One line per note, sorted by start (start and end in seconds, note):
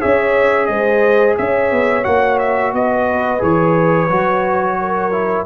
0.00 0.68 C#4
0.00 2.03 G#4
0.00 0.68 C#5
0.00 0.66 E5
0.66 1.36 G#3
0.66 1.37 C5
0.66 1.34 D#5
1.37 1.71 C#4
1.37 2.75 C#5
1.37 2.04 E5
1.71 2.05 B3
2.03 2.73 A#3
2.03 3.38 F#4
2.03 2.38 F#5
2.38 2.72 E5
2.73 3.41 B3
2.73 4.80 B4
2.73 3.42 D#5
3.38 4.09 E3
3.38 4.07 G#4
3.38 5.45 C#5
4.09 5.45 F#3
4.09 5.11 F#4
4.80 5.45 A#4
5.11 5.45 E4